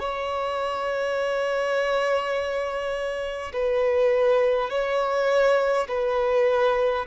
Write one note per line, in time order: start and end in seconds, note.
0.00 3.53 C#5
3.53 4.70 B4
4.70 5.88 C#5
5.89 7.06 B4